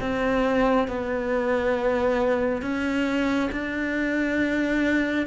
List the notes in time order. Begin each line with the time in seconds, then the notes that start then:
0.00 C4
0.87 B3
2.61 C#4
3.52 D4